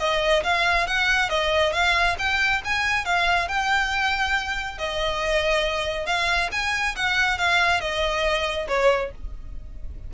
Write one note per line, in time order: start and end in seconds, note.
0.00 0.43 D#5
0.44 0.87 F5
0.88 1.30 F#5
1.30 1.73 D#5
1.73 2.17 F5
2.19 2.62 G5
2.65 3.06 G#5
3.06 3.49 F5
3.49 4.78 G5
4.78 6.07 D#5
6.07 6.50 F5
6.52 6.96 G#5
6.96 7.39 F#5
7.39 7.81 F5
7.81 8.68 D#5
8.68 9.12 C#5